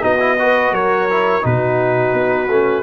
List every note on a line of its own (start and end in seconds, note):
0.00 0.71 B3
0.00 0.18 D#4
0.00 0.38 F#4
0.00 0.74 D#5
0.19 0.37 E4
0.39 1.09 F#4
0.39 0.73 B4
0.71 1.42 F#3
0.71 1.44 A#4
0.71 1.44 C#5
1.10 1.41 E4
1.41 2.13 B2
1.41 2.47 D#4
1.41 2.83 F#4
1.41 2.83 B4
2.13 2.48 B3
2.48 2.83 A3
2.48 2.83 C#4